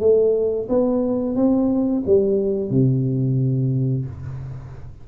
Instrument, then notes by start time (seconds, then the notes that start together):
tuba
0.00 A3
0.69 B3
1.36 C4
2.06 G3
2.70 C3